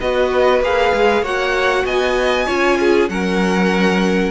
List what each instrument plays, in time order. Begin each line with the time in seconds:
0.00 cello B3, viola F#4, violin B4 D#5
0.61 cello A#3, viola G#4, violin F5
0.93 cello G#3
1.22 cello A#3, viola F#4, violin C#5 F#5
1.84 cello B3, violin D#5 G#5
2.47 cello C#4, viola F4, violin C#5
2.79 violin G#4
3.09 cello F#3, viola C#4, violin A#4 F#5